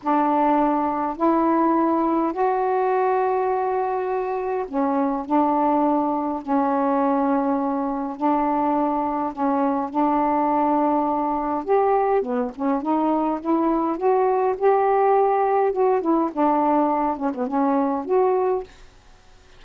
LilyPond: \new Staff \with { instrumentName = "saxophone" } { \time 4/4 \tempo 4 = 103 d'2 e'2 | fis'1 | cis'4 d'2 cis'4~ | cis'2 d'2 |
cis'4 d'2. | g'4 b8 cis'8 dis'4 e'4 | fis'4 g'2 fis'8 e'8 | d'4. cis'16 b16 cis'4 fis'4 | }